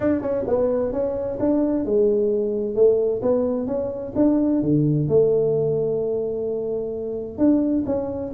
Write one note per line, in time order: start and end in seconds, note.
0.00 0.21 D4
0.21 0.44 C#4
0.47 0.92 B3
0.92 1.38 C#4
1.39 1.85 D4
1.85 2.75 G#3
2.75 3.21 A3
3.22 3.66 B3
3.66 4.12 C#4
4.15 4.62 D4
4.62 5.08 D3
5.08 7.37 A3
7.37 7.84 D4
7.86 8.32 C#4